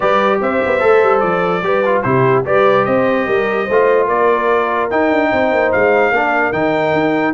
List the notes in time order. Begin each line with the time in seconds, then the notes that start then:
0.00 G3 G4 B4 D5
0.41 C4 C5 E5
0.65 B3
0.80 A3 A4
1.02 G3
1.19 F3 D5
1.62 G3 G4 B4
1.85 F4
2.02 C3 E4 G4 C5
2.45 G3 G4 B4 D5
2.84 C4 C5 D#5
3.26 G3 A#4
3.64 A3 C5
3.72 F4
4.05 A#3 A#4 D5
4.90 D#4 G5
5.11 D4
5.31 C4 C5
5.52 A#3
5.72 G#3 F5
6.11 A#3 D4 A#4
6.52 D#3 D#4 G5
6.93 D#4